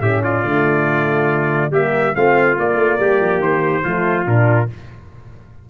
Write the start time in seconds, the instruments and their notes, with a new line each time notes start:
0.00 tuba A2, horn C#4, trumpet G4 E5
0.24 trumpet F4 D5
0.44 tuba D3, horn A3
1.71 tuba G3, horn A#3, trumpet G4 E5
2.15 tuba A3, horn C4, trumpet F4 F5
2.56 horn A#3, tuba A#3, trumpet D5
2.76 tuba A3
3.00 tuba G3, trumpet G4
3.21 tuba F3
3.39 tuba D#3, trumpet C5
3.84 tuba F3, horn A3, trumpet F4
4.26 tuba A#2, horn D4, trumpet A#4